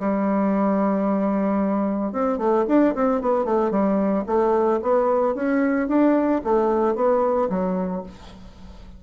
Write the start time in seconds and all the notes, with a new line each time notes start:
0.00 G3
2.13 C4
2.38 A3
2.68 D4
2.95 C4
3.22 B3
3.45 A3
3.71 G3
4.27 A3
4.83 B3
5.35 C#4
5.88 D4
6.44 A3
6.96 B3
7.50 F#3